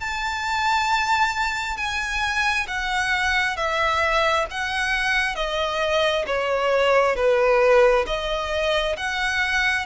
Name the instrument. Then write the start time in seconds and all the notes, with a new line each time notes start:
violin
0.00 A5
1.77 G#5
2.67 F#5
3.56 E5
4.50 F#5
5.35 D#5
6.26 C#5
7.16 B4
8.06 D#5
8.96 F#5